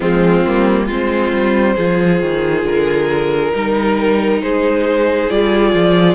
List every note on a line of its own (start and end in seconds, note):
0.00 0.45 F3
0.00 0.44 G#3
0.00 0.85 C4
0.00 0.86 F4
0.46 0.88 G3
0.46 0.89 A#3
0.85 1.32 G#3
0.85 1.77 C4
0.85 1.73 F4
0.85 2.66 C5
1.32 1.76 G3
1.75 2.21 F3
1.75 3.52 F4
1.75 3.52 G#4
2.21 2.63 D#3
2.63 3.51 D3
2.63 4.42 A#4
3.52 4.41 G3
3.52 5.29 D#4
3.52 4.42 A#4
4.41 5.29 G#3
4.41 6.14 G#4
4.41 5.30 C5
5.29 5.73 G3
5.29 6.14 F4
5.29 6.14 D5
5.73 6.14 F3